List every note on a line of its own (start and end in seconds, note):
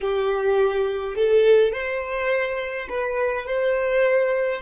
0.00 1.15 G4
1.15 1.72 A4
1.72 2.87 C5
2.88 3.46 B4
3.46 4.62 C5